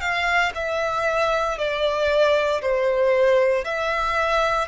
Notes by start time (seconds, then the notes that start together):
0.00 F5
0.55 E5
1.58 D5
2.61 C5
3.64 E5